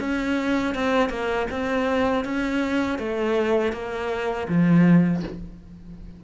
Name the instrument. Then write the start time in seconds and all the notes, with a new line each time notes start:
cello
0.00 C#4
0.75 C4
1.10 A#3
1.51 C4
2.25 C#4
2.99 A3
3.73 A#3
4.48 F3